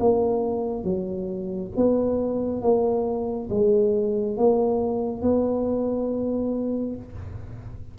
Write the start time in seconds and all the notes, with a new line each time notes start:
0.00 A#3
0.84 F#3
1.76 B3
2.62 A#3
3.50 G#3
4.37 A#3
5.22 B3